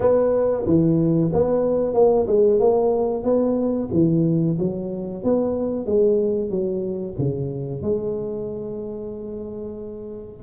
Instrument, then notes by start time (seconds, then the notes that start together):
tuba
0.00 B3
0.66 E3
1.32 B3
1.94 A#3
2.27 G#3
2.59 A#3
3.23 B3
3.92 E3
4.58 F#3
5.23 B3
5.85 G#3
6.50 F#3
7.18 C#3
7.82 G#3